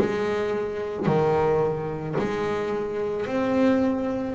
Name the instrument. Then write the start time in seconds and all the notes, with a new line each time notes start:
double bass
0.00 G#3
1.07 D#3
2.19 G#3
3.27 C4